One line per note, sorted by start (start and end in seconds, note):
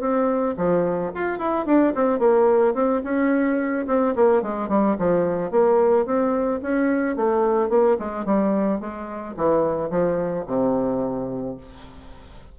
0.00 0.55 C4
0.57 1.12 F3
1.14 1.38 F4
1.38 1.66 E4
1.66 1.93 D4
1.95 2.19 C4
2.19 2.74 A#3
2.74 3.02 C4
3.04 3.86 C#4
3.87 4.14 C4
4.15 4.42 A#3
4.42 4.69 G#3
4.69 4.96 G3
4.98 5.51 F3
5.51 6.06 A#3
6.06 6.61 C4
6.62 7.16 C#4
7.16 7.69 A3
7.69 7.97 A#3
7.99 8.25 G#3
8.25 8.80 G3
8.80 9.35 G#3
9.37 9.90 E3
9.90 10.45 F3
10.47 11.57 C3